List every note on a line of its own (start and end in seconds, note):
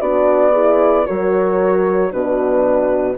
0.00 1.06 B3
0.00 0.54 D4
0.00 0.52 F#4
0.00 1.06 D5
0.52 1.06 E4
0.52 1.05 G#4
1.06 2.12 F#3
1.06 2.11 F#4
1.06 2.11 A#4
1.06 2.12 C#5
2.11 3.18 B2
2.11 3.16 D4
2.11 3.18 F#4
2.11 3.17 B4